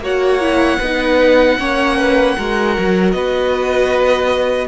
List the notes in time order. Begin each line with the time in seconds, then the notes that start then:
0.00 A#3 F#4 C#5 F#5
0.40 E4
0.79 B3 D#4 B4
1.59 A#3 C#4 C#5
1.97 B4
2.37 G#3 F#4 A#4
2.78 F#3
3.12 B3 B4 D#5